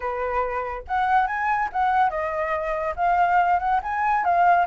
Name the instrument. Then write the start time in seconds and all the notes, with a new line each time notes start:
flute
0.00 B4
0.87 F#5
1.27 G#5
1.72 F#5
2.10 D#5
2.96 F5
3.59 F#5
3.82 G#5
4.24 F5